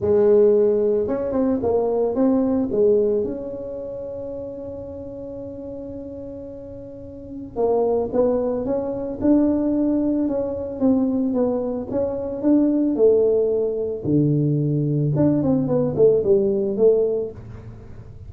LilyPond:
\new Staff \with { instrumentName = "tuba" } { \time 4/4 \tempo 4 = 111 gis2 cis'8 c'8 ais4 | c'4 gis4 cis'2~ | cis'1~ | cis'2 ais4 b4 |
cis'4 d'2 cis'4 | c'4 b4 cis'4 d'4 | a2 d2 | d'8 c'8 b8 a8 g4 a4 | }